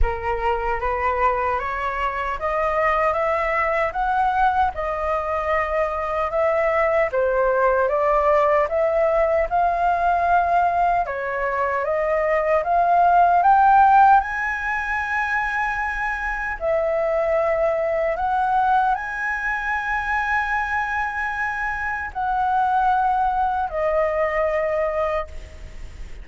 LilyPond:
\new Staff \with { instrumentName = "flute" } { \time 4/4 \tempo 4 = 76 ais'4 b'4 cis''4 dis''4 | e''4 fis''4 dis''2 | e''4 c''4 d''4 e''4 | f''2 cis''4 dis''4 |
f''4 g''4 gis''2~ | gis''4 e''2 fis''4 | gis''1 | fis''2 dis''2 | }